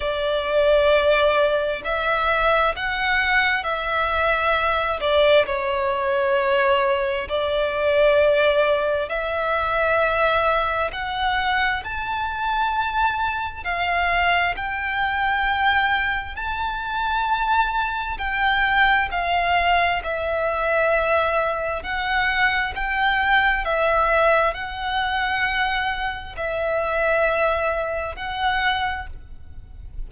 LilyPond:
\new Staff \with { instrumentName = "violin" } { \time 4/4 \tempo 4 = 66 d''2 e''4 fis''4 | e''4. d''8 cis''2 | d''2 e''2 | fis''4 a''2 f''4 |
g''2 a''2 | g''4 f''4 e''2 | fis''4 g''4 e''4 fis''4~ | fis''4 e''2 fis''4 | }